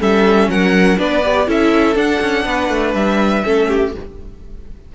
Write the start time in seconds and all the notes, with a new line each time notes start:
0.00 G3 C#4 A4 E5
0.48 F#3 A#4 F#5
0.98 B3 D4 B4 D5
1.25 G4
1.48 C#4 E4 A4 E5
1.95 D4 F#5
2.21 C#4
2.45 B3 B4
2.70 A3
2.94 G3 E5
3.44 A3 C#4 A4
3.69 G4